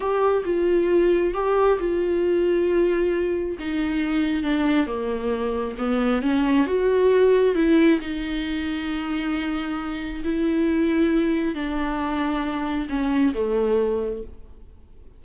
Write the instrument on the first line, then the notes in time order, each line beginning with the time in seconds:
viola
0.00 G4
0.44 F4
1.34 G4
1.79 F4
3.59 D#4
4.43 D4
4.86 A#3
5.77 B3
6.22 C#4
6.66 F#4
7.55 E4
8.00 D#4
10.24 E4
11.54 D4
12.89 C#4
13.34 A3